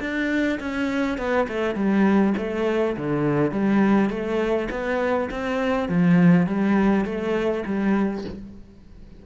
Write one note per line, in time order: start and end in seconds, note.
0.00 0.59 D4
0.60 1.17 C#4
1.17 1.47 B3
1.48 1.75 A3
1.75 2.33 G3
2.37 2.96 A3
2.96 3.51 D3
3.51 4.10 G3
4.10 4.68 A3
4.70 5.29 B3
5.30 5.88 C4
5.88 6.47 F3
6.47 7.05 G3
7.05 7.63 A3
7.66 8.24 G3